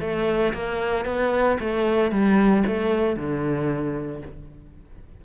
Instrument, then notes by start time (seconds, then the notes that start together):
cello
0.00 A3
0.53 A#3
1.05 B3
1.59 A3
2.11 G3
2.67 A3
3.16 D3